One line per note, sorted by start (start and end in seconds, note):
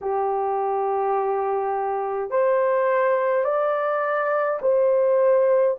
0.01 2.30 G4
2.30 3.44 C5
3.44 4.59 D5
4.62 5.77 C5